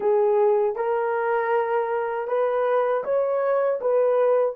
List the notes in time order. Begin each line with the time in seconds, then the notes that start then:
0.00 G#4
0.75 A#4
2.27 B4
3.04 C#5
3.80 B4